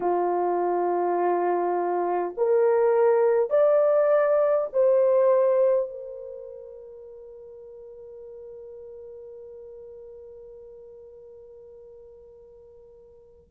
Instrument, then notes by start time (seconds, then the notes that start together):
horn
0.00 F4
2.37 A#4
3.50 D5
4.73 C5
5.90 A#4